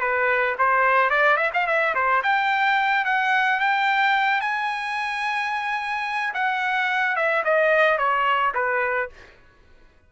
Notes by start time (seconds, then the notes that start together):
0.00 B4
0.58 C5
1.10 D5
1.37 E5
1.53 F5
1.67 E5
1.95 C5
2.23 G5
3.05 F#5
3.60 G5
4.41 G#5
6.34 F#5
7.15 E5
7.44 D#5
7.98 C#5
8.54 B4